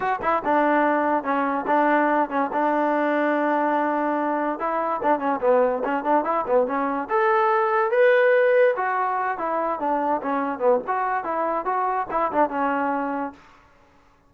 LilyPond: \new Staff \with { instrumentName = "trombone" } { \time 4/4 \tempo 4 = 144 fis'8 e'8 d'2 cis'4 | d'4. cis'8 d'2~ | d'2. e'4 | d'8 cis'8 b4 cis'8 d'8 e'8 b8 |
cis'4 a'2 b'4~ | b'4 fis'4. e'4 d'8~ | d'8 cis'4 b8 fis'4 e'4 | fis'4 e'8 d'8 cis'2 | }